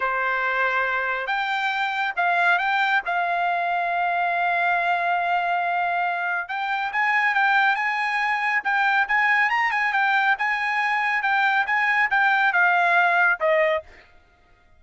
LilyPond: \new Staff \with { instrumentName = "trumpet" } { \time 4/4 \tempo 4 = 139 c''2. g''4~ | g''4 f''4 g''4 f''4~ | f''1~ | f''2. g''4 |
gis''4 g''4 gis''2 | g''4 gis''4 ais''8 gis''8 g''4 | gis''2 g''4 gis''4 | g''4 f''2 dis''4 | }